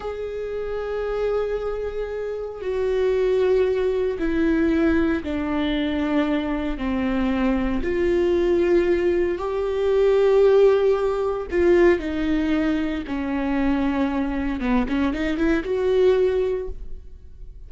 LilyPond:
\new Staff \with { instrumentName = "viola" } { \time 4/4 \tempo 4 = 115 gis'1~ | gis'4 fis'2. | e'2 d'2~ | d'4 c'2 f'4~ |
f'2 g'2~ | g'2 f'4 dis'4~ | dis'4 cis'2. | b8 cis'8 dis'8 e'8 fis'2 | }